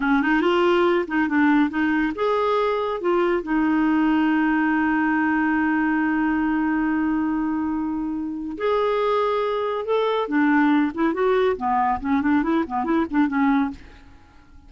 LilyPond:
\new Staff \with { instrumentName = "clarinet" } { \time 4/4 \tempo 4 = 140 cis'8 dis'8 f'4. dis'8 d'4 | dis'4 gis'2 f'4 | dis'1~ | dis'1~ |
dis'1 | gis'2. a'4 | d'4. e'8 fis'4 b4 | cis'8 d'8 e'8 b8 e'8 d'8 cis'4 | }